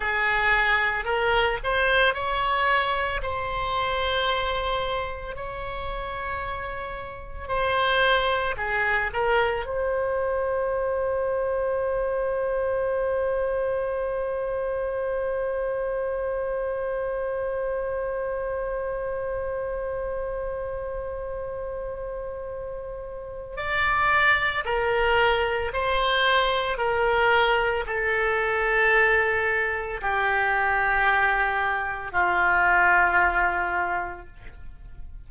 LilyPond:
\new Staff \with { instrumentName = "oboe" } { \time 4/4 \tempo 4 = 56 gis'4 ais'8 c''8 cis''4 c''4~ | c''4 cis''2 c''4 | gis'8 ais'8 c''2.~ | c''1~ |
c''1~ | c''2 d''4 ais'4 | c''4 ais'4 a'2 | g'2 f'2 | }